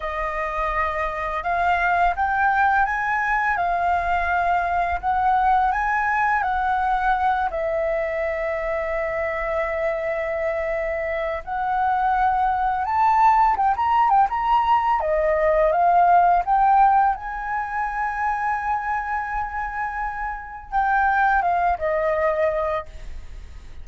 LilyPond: \new Staff \with { instrumentName = "flute" } { \time 4/4 \tempo 4 = 84 dis''2 f''4 g''4 | gis''4 f''2 fis''4 | gis''4 fis''4. e''4.~ | e''1 |
fis''2 a''4 g''16 ais''8 g''16 | ais''4 dis''4 f''4 g''4 | gis''1~ | gis''4 g''4 f''8 dis''4. | }